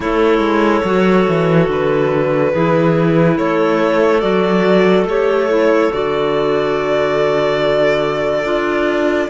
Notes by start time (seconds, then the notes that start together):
0.00 A3 E4 A4 C#5
0.39 G#3
0.84 F#3 F#4
1.27 E3
1.68 D3 B4
2.52 E3 E4 G#4
3.36 A3 A4 C#5
4.20 F#3 F#4 D5
5.04 A3 G4 C#5
5.48 E4
5.92 D3 F#4 D5
8.43 D4 F4